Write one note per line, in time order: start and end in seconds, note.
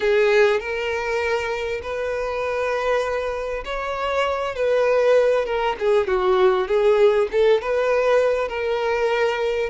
0.00 0.60 G#4
0.60 1.81 A#4
1.82 3.64 B4
3.64 4.55 C#5
4.55 5.45 B4
5.45 5.76 A#4
5.79 6.07 G#4
6.07 6.67 F#4
6.67 7.28 G#4
7.31 7.61 A4
7.61 8.48 B4
8.48 9.69 A#4